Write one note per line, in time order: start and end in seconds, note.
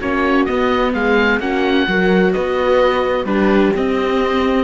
0.00 0.47 A#3
0.00 0.48 C#4
0.00 0.94 F#4
0.00 0.46 C#5
0.46 1.41 B3
0.46 0.94 B3
0.46 0.93 D#5
0.94 1.40 G#3
0.94 1.40 G#4
0.94 1.41 F5
1.40 1.87 A#3
1.40 1.88 C#4
1.40 1.87 F#4
1.40 2.33 F#5
1.88 2.35 F#3
1.88 3.27 F#4
1.88 2.34 A#4
2.33 3.25 B3
2.33 3.27 B4
2.33 3.26 D#5
3.25 3.72 G3
3.25 3.74 D4
3.25 4.64 G4
3.25 3.73 B4
3.76 4.64 C4
3.76 4.64 D#5